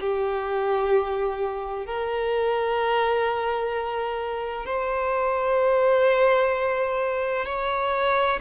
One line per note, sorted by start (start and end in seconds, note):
0.00 1.86 G4
1.86 4.65 A#4
4.65 7.46 C5
7.46 8.39 C#5